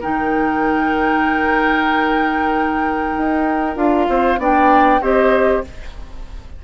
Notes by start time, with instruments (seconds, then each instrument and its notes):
0.00 bassoon D#3, clarinet D#4, oboe A#4, flute G5
3.17 bassoon D#4
3.75 bassoon D4, clarinet F4, flute F5
4.08 bassoon C4, oboe C5
4.38 bassoon B3, clarinet D4, oboe D5, flute G5
5.01 bassoon C4, clarinet G4, oboe C5, flute D#5